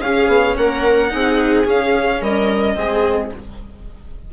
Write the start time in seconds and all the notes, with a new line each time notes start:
0.00 C#4 G#4 F5
0.27 B3
0.57 A#3 A#4 F#5
1.09 C4 D#4 G#4
1.65 C#4 F5
2.21 G3 A#4 D#5
2.75 G#3 C4 G#4